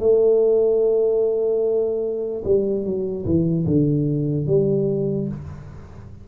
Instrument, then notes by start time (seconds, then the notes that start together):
tuba
0.00 A3
2.45 G3
2.85 F#3
3.25 E3
3.66 D3
4.47 G3